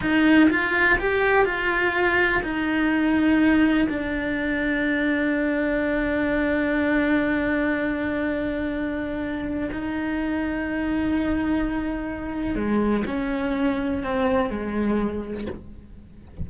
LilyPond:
\new Staff \with { instrumentName = "cello" } { \time 4/4 \tempo 4 = 124 dis'4 f'4 g'4 f'4~ | f'4 dis'2. | d'1~ | d'1~ |
d'1 | dis'1~ | dis'2 gis4 cis'4~ | cis'4 c'4 gis2 | }